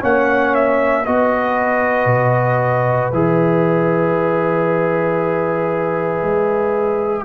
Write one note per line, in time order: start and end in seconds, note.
0.00 1.06 A#3
0.00 1.05 C#4
0.00 1.03 C#5
0.00 0.55 F#5
0.55 1.05 E5
1.05 2.05 B3
1.05 3.12 F#4
1.05 7.25 B4
1.05 3.12 D#5
2.05 3.09 B2
3.12 6.22 E3
3.12 7.25 G#4
3.12 7.25 E5
6.22 7.25 G#3